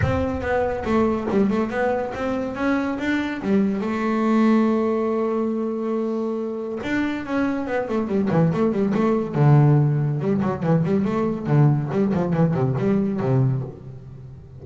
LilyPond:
\new Staff \with { instrumentName = "double bass" } { \time 4/4 \tempo 4 = 141 c'4 b4 a4 g8 a8 | b4 c'4 cis'4 d'4 | g4 a2.~ | a1 |
d'4 cis'4 b8 a8 g8 e8 | a8 g8 a4 d2 | g8 fis8 e8 g8 a4 d4 | g8 f8 e8 c8 g4 c4 | }